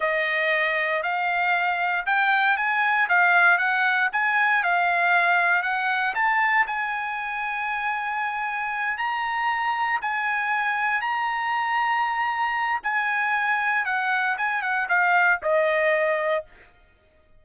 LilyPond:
\new Staff \with { instrumentName = "trumpet" } { \time 4/4 \tempo 4 = 117 dis''2 f''2 | g''4 gis''4 f''4 fis''4 | gis''4 f''2 fis''4 | a''4 gis''2.~ |
gis''4. ais''2 gis''8~ | gis''4. ais''2~ ais''8~ | ais''4 gis''2 fis''4 | gis''8 fis''8 f''4 dis''2 | }